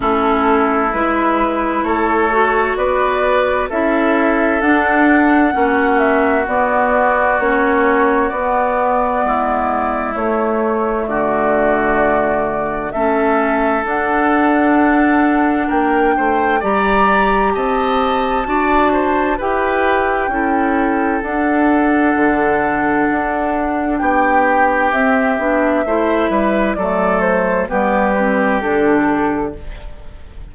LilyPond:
<<
  \new Staff \with { instrumentName = "flute" } { \time 4/4 \tempo 4 = 65 a'4 b'4 cis''4 d''4 | e''4 fis''4. e''8 d''4 | cis''4 d''2 cis''4 | d''2 e''4 fis''4~ |
fis''4 g''4 ais''4 a''4~ | a''4 g''2 fis''4~ | fis''2 g''4 e''4~ | e''4 d''8 c''8 b'4 a'4 | }
  \new Staff \with { instrumentName = "oboe" } { \time 4/4 e'2 a'4 b'4 | a'2 fis'2~ | fis'2 e'2 | fis'2 a'2~ |
a'4 ais'8 c''8 d''4 dis''4 | d''8 c''8 b'4 a'2~ | a'2 g'2 | c''8 b'8 a'4 g'2 | }
  \new Staff \with { instrumentName = "clarinet" } { \time 4/4 cis'4 e'4. fis'4. | e'4 d'4 cis'4 b4 | cis'4 b2 a4~ | a2 cis'4 d'4~ |
d'2 g'2 | fis'4 g'4 e'4 d'4~ | d'2. c'8 d'8 | e'4 a4 b8 c'8 d'4 | }
  \new Staff \with { instrumentName = "bassoon" } { \time 4/4 a4 gis4 a4 b4 | cis'4 d'4 ais4 b4 | ais4 b4 gis4 a4 | d2 a4 d'4~ |
d'4 ais8 a8 g4 c'4 | d'4 e'4 cis'4 d'4 | d4 d'4 b4 c'8 b8 | a8 g8 fis4 g4 d4 | }
>>